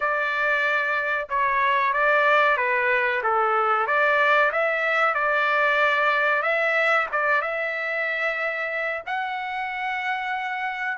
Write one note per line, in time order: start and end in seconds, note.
0.00 1.27 D5
1.29 1.93 C#5
1.93 2.57 D5
2.57 3.21 B4
3.23 3.87 A4
3.87 4.51 D5
4.52 5.14 E5
5.14 6.42 D5
6.42 7.06 E5
7.11 7.41 D5
7.41 9.02 E5
9.06 10.97 F#5